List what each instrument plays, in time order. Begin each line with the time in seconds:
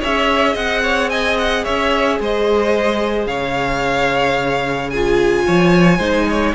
0.00 cello C#4, viola G#4, violin C#5 E5
0.53 cello C4, violin D#5 F#5
0.83 violin C#5
1.10 violin D#5 G#5
1.38 violin F#5
1.64 cello C#4, violin C#5 E5
2.20 cello G#3, violin C5 D#5
3.27 cello C#3, violin C#5 F5
4.90 viola F4, violin G#4 G#5
5.46 cello F3, violin C#5
5.98 cello G#3, viola D#4, violin C5
6.30 violin C#5